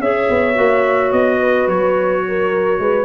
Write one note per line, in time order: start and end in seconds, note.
0.00 0.28 C#4
0.00 0.54 G#4
0.00 1.39 C#5
0.00 1.12 E5
0.30 0.57 B3
0.54 1.12 A#3
0.54 3.05 F#4
1.12 1.67 B3
1.12 1.68 D#5
1.39 2.24 B4
1.67 2.79 F#3
1.67 3.05 C#5
2.28 2.81 A#4
2.79 3.05 G#3
2.79 3.05 B4